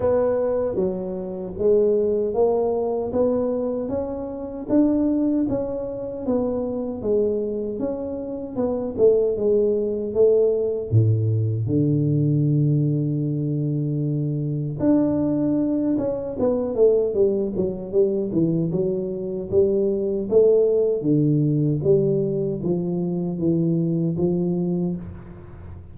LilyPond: \new Staff \with { instrumentName = "tuba" } { \time 4/4 \tempo 4 = 77 b4 fis4 gis4 ais4 | b4 cis'4 d'4 cis'4 | b4 gis4 cis'4 b8 a8 | gis4 a4 a,4 d4~ |
d2. d'4~ | d'8 cis'8 b8 a8 g8 fis8 g8 e8 | fis4 g4 a4 d4 | g4 f4 e4 f4 | }